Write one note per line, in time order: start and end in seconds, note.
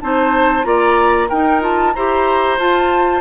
0.00 0.65 C4
0.00 0.63 D#4
0.00 0.66 C5
0.00 0.64 A5
0.63 1.29 A#3
0.63 1.27 F4
0.63 1.28 D5
0.63 1.29 A#5
1.28 1.95 D#4
1.28 1.60 D#4
1.28 1.93 A#4
1.28 1.61 G5
1.60 1.93 F4
1.60 1.94 A5
1.94 2.58 E4
1.94 2.58 G4
1.94 3.20 C5
1.94 2.58 A#5
2.58 3.20 F4
2.58 3.20 A5